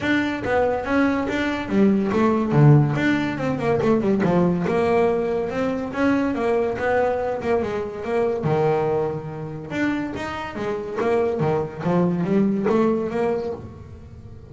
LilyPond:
\new Staff \with { instrumentName = "double bass" } { \time 4/4 \tempo 4 = 142 d'4 b4 cis'4 d'4 | g4 a4 d4 d'4 | c'8 ais8 a8 g8 f4 ais4~ | ais4 c'4 cis'4 ais4 |
b4. ais8 gis4 ais4 | dis2. d'4 | dis'4 gis4 ais4 dis4 | f4 g4 a4 ais4 | }